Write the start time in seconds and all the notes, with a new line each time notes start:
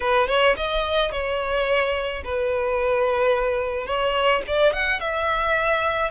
0.00 B4
0.27 C#5
0.56 D#5
1.11 C#5
2.24 B4
3.86 C#5
4.47 D5
4.72 F#5
5.00 E5